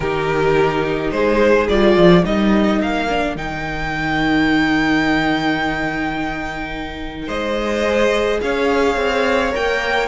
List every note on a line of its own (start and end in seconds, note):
0.00 1.11 D#3
0.00 1.70 D#4
0.00 1.13 G4
0.00 1.10 A#4
1.11 1.67 G#3
1.11 2.25 G#4
1.11 1.67 C5
1.68 1.96 G3
1.68 2.24 F4
1.68 2.24 D5
1.96 2.24 F3
2.24 2.81 G3
2.24 3.08 D#4
2.24 7.27 A#4
2.24 2.81 D#5
2.81 3.35 A#3
2.81 3.36 F5
3.08 3.36 D4
3.35 7.27 D#3
3.35 7.85 D#4
3.35 7.28 G5
7.27 8.39 G#3
7.27 8.39 C5
7.27 8.40 D#5
7.87 9.51 G#4
8.41 8.96 C#4
8.41 10.07 C#5
8.41 9.53 F5
8.96 9.52 C4
9.51 10.07 A#3
9.51 10.07 A#4
9.51 10.07 G5